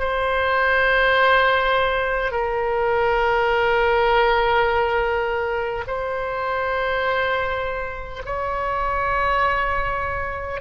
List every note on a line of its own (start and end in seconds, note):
0.00 2.32 C5
2.32 5.84 A#4
5.88 8.23 C5
8.26 10.61 C#5